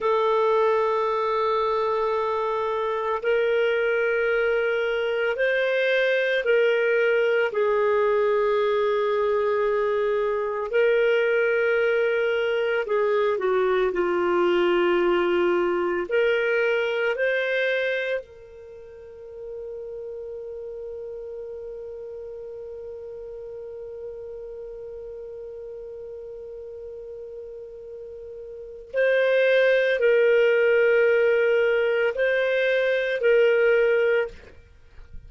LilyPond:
\new Staff \with { instrumentName = "clarinet" } { \time 4/4 \tempo 4 = 56 a'2. ais'4~ | ais'4 c''4 ais'4 gis'4~ | gis'2 ais'2 | gis'8 fis'8 f'2 ais'4 |
c''4 ais'2.~ | ais'1~ | ais'2. c''4 | ais'2 c''4 ais'4 | }